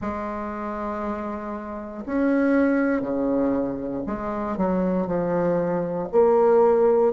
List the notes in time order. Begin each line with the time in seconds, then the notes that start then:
0.00 G#3
2.06 C#4
3.01 C#3
4.06 G#3
4.57 F#3
5.06 F3
6.12 A#3